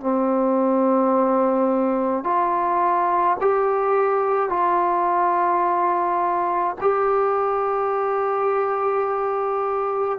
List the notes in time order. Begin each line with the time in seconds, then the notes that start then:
0.00 C4
2.23 F4
3.40 G4
4.49 F4
6.80 G4